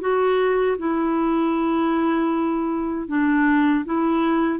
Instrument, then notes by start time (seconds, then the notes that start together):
clarinet
0.00 F#4
0.78 E4
3.08 D4
3.85 E4